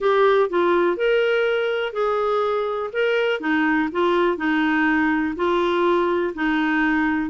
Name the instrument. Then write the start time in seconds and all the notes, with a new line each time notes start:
clarinet
0.00 G4
0.49 F4
0.96 A#4
1.92 G#4
2.92 A#4
3.40 D#4
3.92 F4
4.37 D#4
5.36 F4
6.34 D#4